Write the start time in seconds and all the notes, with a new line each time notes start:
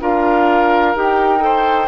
0.00 D4 F4 A#4 F5
0.95 D#4 G4 G5
1.39 A4 C5